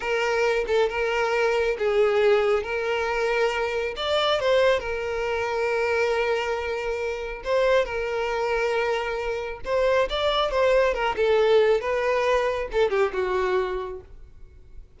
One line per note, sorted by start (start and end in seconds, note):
0.00 0.65 A#4
0.67 0.89 A4
0.89 1.76 A#4
1.78 2.63 G#4
2.63 3.94 A#4
3.96 4.40 D5
4.40 4.79 C5
4.79 7.42 A#4
7.44 7.85 C5
7.85 9.60 A#4
9.64 10.08 C5
10.09 10.50 D5
10.50 10.93 C5
10.93 11.15 A#4
11.16 11.80 A4
11.80 12.68 B4
12.72 12.90 A4
12.90 13.11 G4
13.12 14.00 F#4